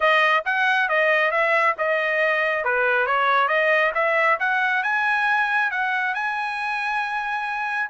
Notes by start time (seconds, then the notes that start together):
0.00 D#5
0.45 F#5
0.89 D#5
1.31 E5
1.78 D#5
2.64 B4
3.06 C#5
3.48 D#5
3.94 E5
4.39 F#5
4.83 G#5
5.71 F#5
6.14 G#5